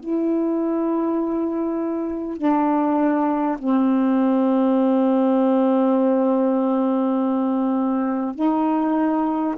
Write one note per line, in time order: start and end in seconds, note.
0.00 2.37 E4
2.37 3.57 D4
3.58 8.35 C4
8.35 9.55 D#4